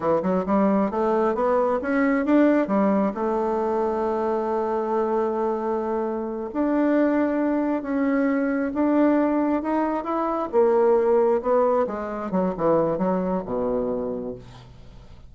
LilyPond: \new Staff \with { instrumentName = "bassoon" } { \time 4/4 \tempo 4 = 134 e8 fis8 g4 a4 b4 | cis'4 d'4 g4 a4~ | a1~ | a2~ a8 d'4.~ |
d'4. cis'2 d'8~ | d'4. dis'4 e'4 ais8~ | ais4. b4 gis4 fis8 | e4 fis4 b,2 | }